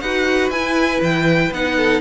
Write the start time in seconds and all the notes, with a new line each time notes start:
0.00 D#4 F#4 B4 F#5
0.50 E4 G#5
1.01 E3 G5
1.51 B3 D#4 F#5
1.76 A4